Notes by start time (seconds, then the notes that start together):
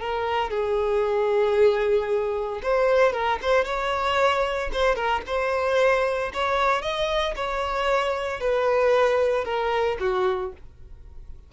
0.00 A#4
0.50 G#4
2.62 C5
3.12 A#4
3.42 C5
3.65 C#5
4.72 C5
4.95 A#4
5.26 C5
6.33 C#5
6.82 D#5
7.36 C#5
8.40 B4
9.44 A#4
10.00 F#4